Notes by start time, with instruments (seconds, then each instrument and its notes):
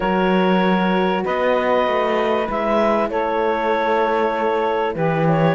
0.00 cello F#3, horn F#4, saxophone A#4, clarinet C#5
1.23 cello B3, saxophone B4, clarinet D#5
1.86 cello A3
2.46 cello G#3, horn E4, clarinet E5
3.09 cello A3, saxophone A4, clarinet C#5
4.94 cello E3, saxophone G4, clarinet B4
5.28 clarinet C#5